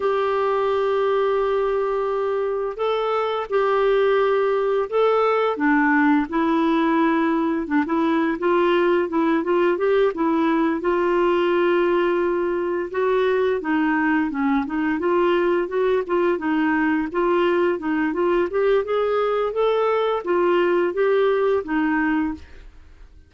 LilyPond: \new Staff \with { instrumentName = "clarinet" } { \time 4/4 \tempo 4 = 86 g'1 | a'4 g'2 a'4 | d'4 e'2 d'16 e'8. | f'4 e'8 f'8 g'8 e'4 f'8~ |
f'2~ f'8 fis'4 dis'8~ | dis'8 cis'8 dis'8 f'4 fis'8 f'8 dis'8~ | dis'8 f'4 dis'8 f'8 g'8 gis'4 | a'4 f'4 g'4 dis'4 | }